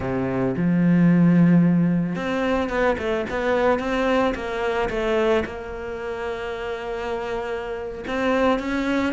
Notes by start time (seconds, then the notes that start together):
0.00 C3
0.57 F3
2.15 C4
2.69 B3
2.98 A3
3.30 B3
3.79 C4
4.34 A#3
4.89 A3
5.45 A#3
8.07 C4
8.59 C#4